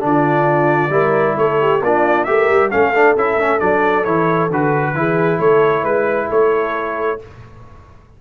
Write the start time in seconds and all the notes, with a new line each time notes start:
0.00 D3 D4 D5
0.06 F4
0.90 G3 E4 A#4
1.37 A3 A4 C#5
1.61 G4
1.82 A#3 D4 F4 D5
2.24 A3 G4 A#4 E5
2.50 G3
2.70 A3 C#4 A4 F5
2.94 D4
3.16 C#4 E4 E5
3.36 A3 C#4
3.59 F#3 D4 D5
4.04 E3 E4 C#5
4.50 D3 F#4 B4
4.95 E3 E4 G#4
5.39 A3 A4 C#5
5.83 G#3 B4
6.29 A3 A4 C#5